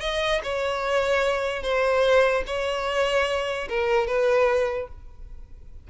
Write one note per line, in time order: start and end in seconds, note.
0.00 0.41 D#5
0.43 1.62 C#5
1.62 2.43 C5
2.47 3.68 C#5
3.69 4.07 A#4
4.07 4.88 B4